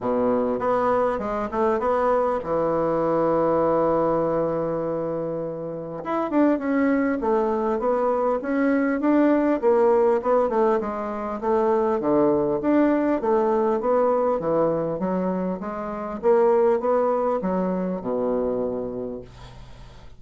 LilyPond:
\new Staff \with { instrumentName = "bassoon" } { \time 4/4 \tempo 4 = 100 b,4 b4 gis8 a8 b4 | e1~ | e2 e'8 d'8 cis'4 | a4 b4 cis'4 d'4 |
ais4 b8 a8 gis4 a4 | d4 d'4 a4 b4 | e4 fis4 gis4 ais4 | b4 fis4 b,2 | }